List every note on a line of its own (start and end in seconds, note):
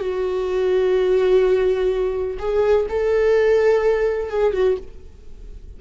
0.00 2.38 F#4
2.39 2.87 G#4
2.90 4.30 A4
4.30 4.54 G#4
4.54 4.77 F#4